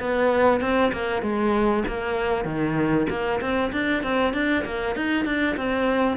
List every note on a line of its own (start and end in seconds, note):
0.00 0.61 B3
0.61 0.92 C4
0.92 1.22 A#3
1.22 1.84 G#3
1.88 2.45 A#3
2.45 3.06 D#3
3.09 3.40 A#3
3.40 3.71 C4
3.73 4.03 D4
4.03 4.34 C4
4.34 4.64 D4
4.65 4.95 A#3
4.95 5.25 D#4
5.25 5.56 D4
5.57 6.17 C4